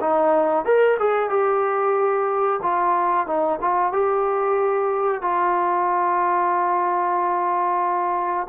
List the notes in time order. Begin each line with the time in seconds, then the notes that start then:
0.00 D#4
0.65 A#4
0.99 G#4
1.29 G4
2.62 F4
3.26 D#4
3.60 F4
3.92 G4
5.21 F4